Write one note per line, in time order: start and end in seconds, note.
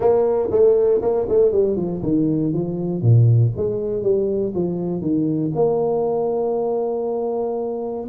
0.00 0.49 A#3
0.50 1.01 A3
1.01 1.27 A#3
1.28 1.52 A3
1.52 1.76 G3
1.76 2.01 F3
2.02 2.53 D#3
2.53 3.01 F3
3.01 3.52 A#2
3.56 4.02 G#3
4.02 4.53 G3
4.54 5.01 F3
5.01 5.51 D#3
5.55 8.07 A#3